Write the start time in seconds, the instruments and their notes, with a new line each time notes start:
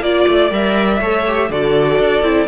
0.00 cello A#3, viola F4, violin D5
0.27 cello A3
0.51 cello G3, viola A#4, violin E5
0.99 cello A3, viola A4, violin C#5
1.26 viola G4
1.49 cello D3, viola F#4, violin A4 D5
1.99 cello D4
2.22 cello C4, viola E4